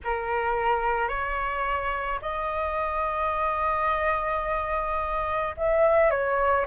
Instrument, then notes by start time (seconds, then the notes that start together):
flute
0.04 A#4
1.08 C#5
2.21 D#5
5.57 E5
6.10 C#5